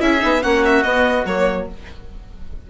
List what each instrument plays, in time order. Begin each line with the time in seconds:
0.00 bassoon C#4, viola E4, oboe G#4, violin E5
0.19 bassoon B3, viola D#4
0.42 bassoon A#3, viola C#4, oboe F#4, violin F#5
0.65 violin E5
0.83 bassoon B3, viola B3, violin D#5
1.25 bassoon F#3, viola A#3, violin C#5